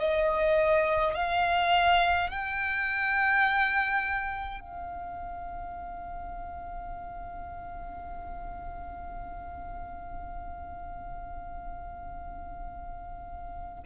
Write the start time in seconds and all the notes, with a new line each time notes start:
0.00 D#5
1.14 F5
2.30 G5
4.60 F5